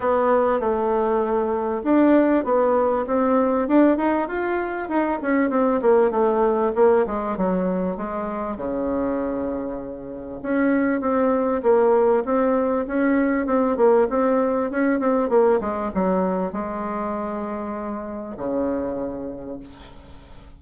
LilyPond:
\new Staff \with { instrumentName = "bassoon" } { \time 4/4 \tempo 4 = 98 b4 a2 d'4 | b4 c'4 d'8 dis'8 f'4 | dis'8 cis'8 c'8 ais8 a4 ais8 gis8 | fis4 gis4 cis2~ |
cis4 cis'4 c'4 ais4 | c'4 cis'4 c'8 ais8 c'4 | cis'8 c'8 ais8 gis8 fis4 gis4~ | gis2 cis2 | }